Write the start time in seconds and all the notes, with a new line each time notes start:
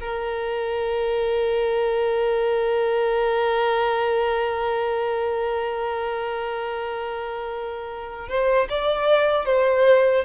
0.00 A#4
8.29 C5
8.69 D5
9.46 C5